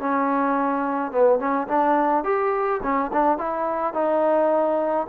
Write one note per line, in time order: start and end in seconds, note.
0.00 1.12 C#4
1.12 1.39 B3
1.39 1.67 C#4
1.68 2.24 D4
2.24 2.81 G4
2.83 3.11 C#4
3.13 3.38 D4
3.38 3.94 E4
3.94 5.07 D#4